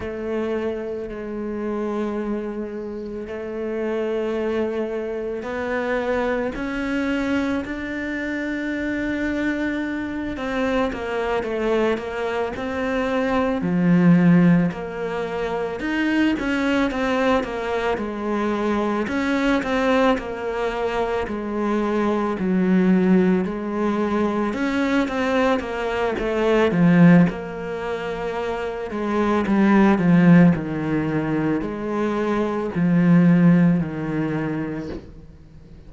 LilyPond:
\new Staff \with { instrumentName = "cello" } { \time 4/4 \tempo 4 = 55 a4 gis2 a4~ | a4 b4 cis'4 d'4~ | d'4. c'8 ais8 a8 ais8 c'8~ | c'8 f4 ais4 dis'8 cis'8 c'8 |
ais8 gis4 cis'8 c'8 ais4 gis8~ | gis8 fis4 gis4 cis'8 c'8 ais8 | a8 f8 ais4. gis8 g8 f8 | dis4 gis4 f4 dis4 | }